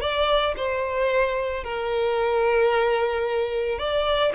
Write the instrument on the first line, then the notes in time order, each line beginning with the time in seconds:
violin
0.00 D5
0.56 C5
1.64 A#4
3.78 D5